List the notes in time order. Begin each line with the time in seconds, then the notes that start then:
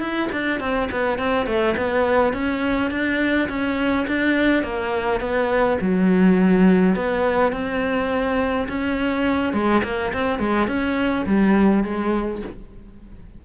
0.00 E4
0.32 D4
0.60 C4
0.92 B3
1.19 C4
1.47 A3
1.77 B3
2.33 C#4
2.91 D4
3.49 C#4
4.08 D4
4.63 A#3
5.21 B3
5.81 F#3
6.96 B3
7.53 C4
8.69 C#4
9.53 G#3
9.84 A#3
10.14 C4
10.39 G#3
10.68 C#4
11.26 G3
11.84 G#3